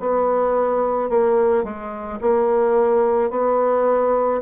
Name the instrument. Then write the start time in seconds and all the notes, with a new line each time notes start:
bassoon
0.00 B3
1.09 A#3
1.64 G#3
2.21 A#3
3.30 B3